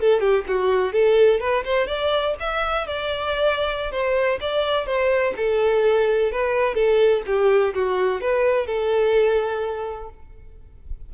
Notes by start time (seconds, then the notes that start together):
0.00 A4
0.20 G4
0.48 F#4
0.92 A4
1.40 B4
1.65 C5
1.87 D5
2.39 E5
2.87 D5
3.91 C5
4.40 D5
4.86 C5
5.36 A4
6.31 B4
6.74 A4
7.26 G4
7.74 F#4
8.21 B4
8.66 A4